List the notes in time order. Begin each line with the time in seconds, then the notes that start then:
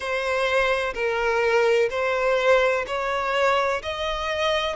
0.00 C5
0.94 A#4
1.90 C5
2.86 C#5
3.82 D#5